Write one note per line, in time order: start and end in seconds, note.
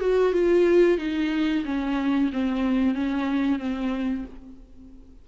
0.00 0.33 F#4
0.33 0.98 F4
0.98 1.64 D#4
1.65 2.30 C#4
2.32 2.94 C4
2.94 3.59 C#4
3.59 4.25 C4